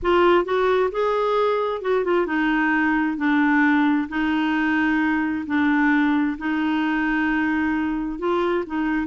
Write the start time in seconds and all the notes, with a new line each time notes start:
0.02 F4
0.44 F#4
0.91 G#4
1.81 F#4
2.04 F4
2.26 D#4
3.17 D4
4.08 D#4
5.46 D4
6.38 D#4
8.18 F4
8.66 D#4